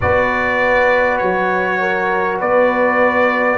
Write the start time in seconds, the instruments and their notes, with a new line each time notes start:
0.01 tuba B3, trombone F#4, horn B4, trumpet D5
1.17 tuba F#3, trumpet C#5
1.80 horn A#4
2.39 tuba B3, horn B4, trumpet D5